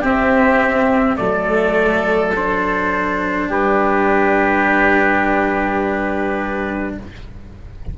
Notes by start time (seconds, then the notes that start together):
0.00 C4 G4 E5
1.16 F#3 A3 A4 D5
2.36 D4 C5
3.48 G3 G4 B4